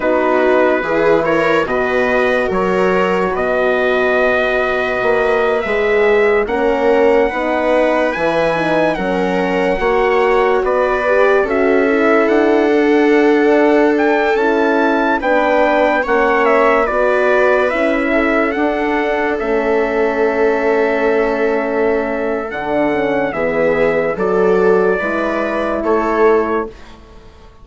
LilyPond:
<<
  \new Staff \with { instrumentName = "trumpet" } { \time 4/4 \tempo 4 = 72 b'4. cis''8 dis''4 cis''4 | dis''2~ dis''8. e''4 fis''16~ | fis''4.~ fis''16 gis''4 fis''4~ fis''16~ | fis''8. d''4 e''4 fis''4~ fis''16~ |
fis''8. g''8 a''4 g''4 fis''8 e''16~ | e''16 d''4 e''4 fis''4 e''8.~ | e''2. fis''4 | e''4 d''2 cis''4 | }
  \new Staff \with { instrumentName = "viola" } { \time 4/4 fis'4 gis'8 ais'8 b'4 ais'4 | b'2.~ b'8. ais'16~ | ais'8. b'2 ais'4 cis''16~ | cis''8. b'4 a'2~ a'16~ |
a'2~ a'16 b'4 cis''8.~ | cis''16 b'4. a'2~ a'16~ | a'1 | gis'4 a'4 b'4 a'4 | }
  \new Staff \with { instrumentName = "horn" } { \time 4/4 dis'4 e'4 fis'2~ | fis'2~ fis'8. gis'4 cis'16~ | cis'8. dis'4 e'8 dis'8 cis'4 fis'16~ | fis'4~ fis'16 g'8 fis'8 e'4 d'8.~ |
d'4~ d'16 e'4 d'4 cis'8.~ | cis'16 fis'4 e'4 d'4 cis'8.~ | cis'2. d'8 cis'8 | b4 fis'4 e'2 | }
  \new Staff \with { instrumentName = "bassoon" } { \time 4/4 b4 e4 b,4 fis4 | b,2 ais8. gis4 ais16~ | ais8. b4 e4 fis4 ais16~ | ais8. b4 cis'4 d'4~ d'16~ |
d'4~ d'16 cis'4 b4 ais8.~ | ais16 b4 cis'4 d'4 a8.~ | a2. d4 | e4 fis4 gis4 a4 | }
>>